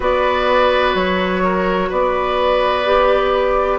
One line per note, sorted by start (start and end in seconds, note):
0.00 0.94 B3
0.00 2.84 F#4
0.00 1.43 B4
0.00 0.95 D5
0.94 1.89 F#3
0.94 1.90 C#5
1.43 1.89 A#4
1.89 3.78 B3
1.89 3.78 B4
1.89 3.78 D5
2.85 3.78 G4